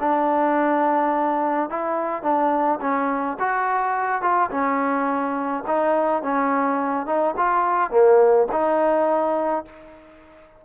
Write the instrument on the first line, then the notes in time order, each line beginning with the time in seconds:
trombone
0.00 D4
1.70 E4
2.23 D4
2.81 C#4
3.39 F#4
4.22 F4
4.51 C#4
5.67 D#4
6.23 C#4
7.06 D#4
7.37 F4
7.91 A#3
8.52 D#4